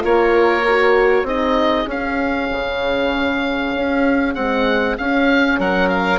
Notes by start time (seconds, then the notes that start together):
0.00 A#3 F4 A#4 C#5
0.68 F#4
1.23 C4 D#4 G#4 D#5
1.86 C#4 F5
2.51 C#3
3.76 C#4
4.35 G#3 C4 F#5
4.98 C#4 F5
5.59 F#3 A#4 F#5
5.89 F5